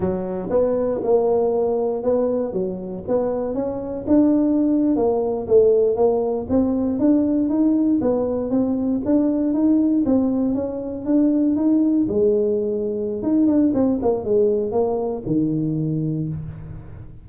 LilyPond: \new Staff \with { instrumentName = "tuba" } { \time 4/4 \tempo 4 = 118 fis4 b4 ais2 | b4 fis4 b4 cis'4 | d'4.~ d'16 ais4 a4 ais16~ | ais8. c'4 d'4 dis'4 b16~ |
b8. c'4 d'4 dis'4 c'16~ | c'8. cis'4 d'4 dis'4 gis16~ | gis2 dis'8 d'8 c'8 ais8 | gis4 ais4 dis2 | }